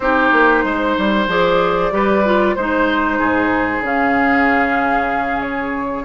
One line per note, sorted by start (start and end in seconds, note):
0.00 0.30 C4
0.00 1.28 D#4
0.00 0.64 G4
0.00 1.28 C5
0.32 0.63 A#3
0.63 0.95 G#3
0.63 1.93 C5
0.98 1.27 G3
1.27 1.91 F3
1.27 1.91 G#4
1.27 2.55 D5
1.91 2.55 G3
1.91 2.23 G4
1.91 2.55 B4
2.24 2.56 F4
2.55 3.19 G#3
2.55 3.83 D#4
2.55 3.82 C5
2.55 3.18 C5
3.18 3.81 G#2
3.18 6.04 G#4
3.81 6.04 C#3
3.81 6.04 C#4
3.81 5.41 F5
5.41 6.04 C#5